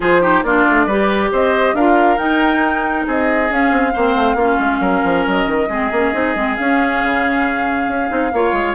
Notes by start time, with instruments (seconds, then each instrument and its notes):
0.00 bassoon F3, clarinet F4, oboe G#4, flute C5
0.21 clarinet D#4, oboe G4
0.42 bassoon A#3, clarinet D4, oboe F4, flute D5
0.69 bassoon A3
0.86 bassoon G3, clarinet G4, oboe B4
1.31 bassoon C4, oboe C5, flute D#5
1.73 bassoon D4, clarinet F4, oboe A#4, flute F5
2.17 bassoon D#4, clarinet D#4, flute G5
3.06 bassoon C4, oboe G#4, flute D#5
3.50 bassoon C#4, clarinet C#4, flute F5
3.71 bassoon C4
3.93 bassoon A#3, clarinet C4, oboe C5
4.15 bassoon A3
4.34 bassoon A#3, clarinet C#4, oboe F4
4.59 bassoon G#3
4.80 bassoon F#3, oboe A#4
5.04 bassoon F3
5.26 bassoon F#3, flute D#5
5.46 bassoon D#3
5.68 bassoon G#3, clarinet C4, oboe G#4
5.91 bassoon A#3, clarinet C#4
6.13 bassoon C4, clarinet D#4
6.35 bassoon G#3, clarinet C4
6.55 clarinet C#4, bassoon C#4, flute F5
7.03 bassoon C#3
7.87 bassoon C#4
8.08 bassoon C4, clarinet D#4
8.32 bassoon A#3, clarinet F4, oboe C#5
8.52 bassoon G#3